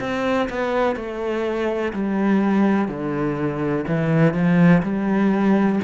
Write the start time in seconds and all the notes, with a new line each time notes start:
0.00 C4
0.49 B3
0.95 A3
1.93 G3
2.88 D3
3.87 E3
4.33 F3
4.82 G3